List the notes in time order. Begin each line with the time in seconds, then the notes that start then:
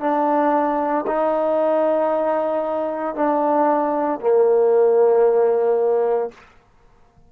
0.00 D4
1.07 D#4
3.15 D4
4.21 A#3